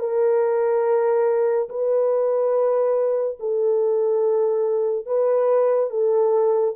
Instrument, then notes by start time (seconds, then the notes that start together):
horn
0.00 A#4
1.69 B4
3.40 A4
5.06 B4
5.90 A4